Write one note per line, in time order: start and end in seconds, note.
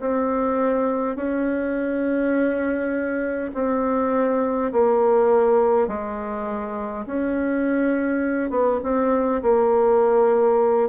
0.00 1.16 C4
1.16 3.51 C#4
3.54 4.72 C4
4.72 5.88 A#3
5.88 7.05 G#3
7.06 8.50 C#4
8.50 8.80 B3
8.83 9.42 C4
9.42 10.89 A#3